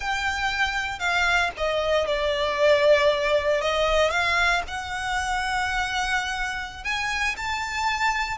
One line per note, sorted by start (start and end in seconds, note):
0.00 0.99 G5
0.99 1.50 F5
1.57 2.06 D#5
2.06 3.61 D5
3.61 4.10 D#5
4.10 4.62 F5
4.67 6.84 F#5
6.84 7.35 G#5
7.36 8.37 A5